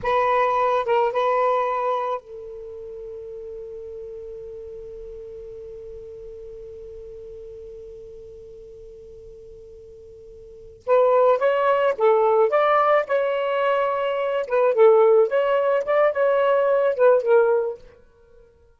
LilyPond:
\new Staff \with { instrumentName = "saxophone" } { \time 4/4 \tempo 4 = 108 b'4. ais'8 b'2 | a'1~ | a'1~ | a'1~ |
a'2.~ a'8 b'8~ | b'8 cis''4 a'4 d''4 cis''8~ | cis''2 b'8 a'4 cis''8~ | cis''8 d''8 cis''4. b'8 ais'4 | }